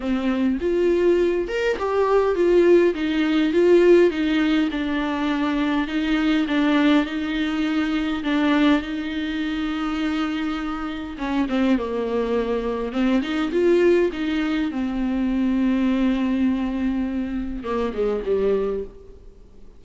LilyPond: \new Staff \with { instrumentName = "viola" } { \time 4/4 \tempo 4 = 102 c'4 f'4. ais'8 g'4 | f'4 dis'4 f'4 dis'4 | d'2 dis'4 d'4 | dis'2 d'4 dis'4~ |
dis'2. cis'8 c'8 | ais2 c'8 dis'8 f'4 | dis'4 c'2.~ | c'2 ais8 gis8 g4 | }